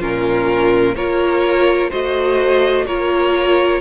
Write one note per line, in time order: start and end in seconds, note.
0.00 0.96 A#2
0.00 0.96 C#4
0.00 0.95 F4
0.00 0.95 A#4
0.95 1.91 A#3
0.95 1.91 F4
0.95 1.90 A#4
0.95 1.91 C#5
1.90 2.87 A3
1.90 2.86 F#4
1.90 2.85 C5
1.90 2.86 D#5
2.86 3.81 A#3
2.86 3.81 F4
2.86 3.81 A#4
2.86 3.81 C#5